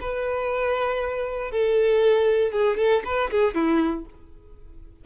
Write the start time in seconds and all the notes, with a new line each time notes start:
0.00 B4
1.51 A4
2.52 G#4
2.77 A4
3.05 B4
3.30 G#4
3.54 E4